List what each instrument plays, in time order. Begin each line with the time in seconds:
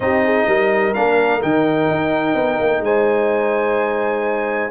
0.00 tuba C4, trombone D#4, horn G4, trumpet D#5
0.24 horn G#4
0.47 tuba G3, horn A#4
0.94 tuba A#3, trombone D4, trumpet F5
1.41 tuba D#3, trombone D#4, trumpet G5
1.90 tuba D#4
2.34 tuba B3
2.60 tuba A#3
2.80 tuba G#3, horn C5, trumpet G#5